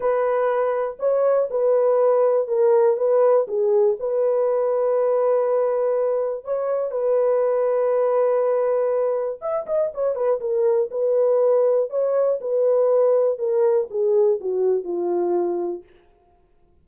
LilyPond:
\new Staff \with { instrumentName = "horn" } { \time 4/4 \tempo 4 = 121 b'2 cis''4 b'4~ | b'4 ais'4 b'4 gis'4 | b'1~ | b'4 cis''4 b'2~ |
b'2. e''8 dis''8 | cis''8 b'8 ais'4 b'2 | cis''4 b'2 ais'4 | gis'4 fis'4 f'2 | }